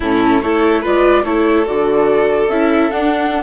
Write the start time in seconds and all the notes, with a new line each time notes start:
0.00 A2 C#4 E4 A4
0.41 A3 E4 A4 C#5
0.81 G#3 F4 B4 D5
1.24 A3 E4 A4 C#5
1.65 D3 F#4 D5
2.48 C#4 E4 E5
2.91 D4 F#5